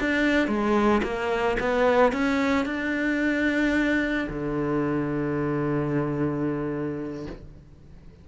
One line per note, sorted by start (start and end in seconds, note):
0.00 0.47 D4
0.47 1.01 G#3
1.03 1.57 A#3
1.59 2.13 B3
2.13 2.66 C#4
2.66 4.28 D4
4.29 7.26 D3